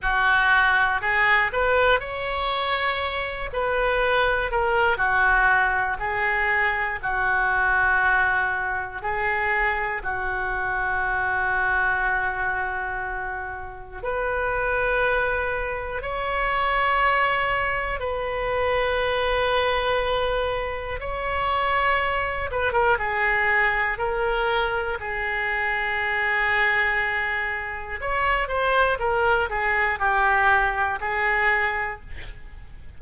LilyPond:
\new Staff \with { instrumentName = "oboe" } { \time 4/4 \tempo 4 = 60 fis'4 gis'8 b'8 cis''4. b'8~ | b'8 ais'8 fis'4 gis'4 fis'4~ | fis'4 gis'4 fis'2~ | fis'2 b'2 |
cis''2 b'2~ | b'4 cis''4. b'16 ais'16 gis'4 | ais'4 gis'2. | cis''8 c''8 ais'8 gis'8 g'4 gis'4 | }